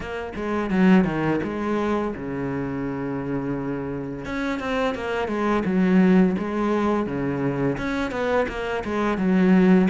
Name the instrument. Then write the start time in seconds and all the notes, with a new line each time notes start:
cello
0.00 A#3
0.35 G#3
0.70 F#3
1.04 D#3
1.43 G#3
2.15 C#3
4.25 C#4
4.59 C4
4.94 A#3
5.27 G#3
5.65 F#3
6.38 G#3
7.06 C#3
7.77 C#4
8.11 B3
8.48 A#3
8.84 G#3
9.17 F#3